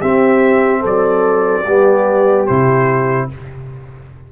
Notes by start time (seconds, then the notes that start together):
0.00 C4 G4 E5
0.80 F#3 A4 D5
1.63 G3 B3 G4
2.46 C3 E4 C5